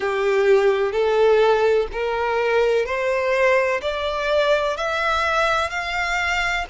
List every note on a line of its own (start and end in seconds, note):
0.00 0.92 G4
0.92 1.87 A4
1.92 2.85 A#4
2.85 3.81 C5
3.81 4.77 D5
4.77 5.69 E5
5.69 6.65 F5